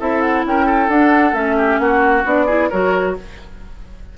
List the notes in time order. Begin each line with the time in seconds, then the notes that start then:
0.00 C4 E4 A4 E5
0.22 F#5
0.45 C#4 A#4 G5
0.66 A4
0.88 D4 F#5
1.33 A3 C#4 E5
1.57 G4
1.79 A#3 F#4 F#5
2.25 B3 D4 D5
2.46 E4 G#4
2.70 F#3 F#4 A#4 C#5